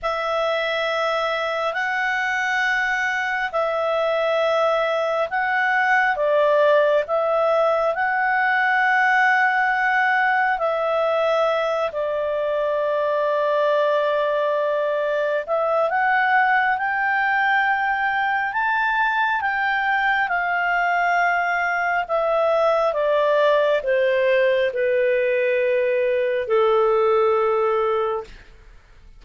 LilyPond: \new Staff \with { instrumentName = "clarinet" } { \time 4/4 \tempo 4 = 68 e''2 fis''2 | e''2 fis''4 d''4 | e''4 fis''2. | e''4. d''2~ d''8~ |
d''4. e''8 fis''4 g''4~ | g''4 a''4 g''4 f''4~ | f''4 e''4 d''4 c''4 | b'2 a'2 | }